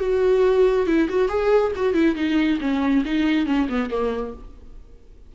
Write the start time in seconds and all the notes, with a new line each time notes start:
0.00 F#4
0.87 E4
1.09 F#4
1.28 G#4
1.76 F#4
1.94 E4
2.15 D#4
2.60 C#4
3.05 D#4
3.46 C#4
3.69 B3
3.90 A#3